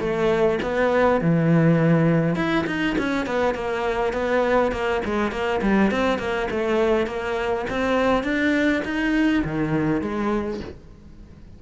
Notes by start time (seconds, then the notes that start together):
0.00 A3
0.62 B3
1.21 E3
2.35 E4
2.67 D#4
2.98 C#4
3.26 B3
3.55 A#3
4.13 B3
4.72 A#3
5.05 G#3
5.31 A#3
5.62 G3
5.91 C4
6.18 A#3
6.51 A3
7.07 A#3
7.70 C4
8.24 D4
8.84 D#4
9.44 D#3
10.01 G#3